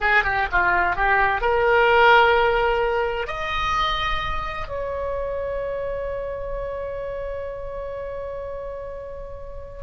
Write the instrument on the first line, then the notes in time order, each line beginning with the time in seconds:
oboe
0.01 G#4
0.23 G4
0.52 F4
0.95 G4
1.41 A#4
3.27 D#5
4.67 C#5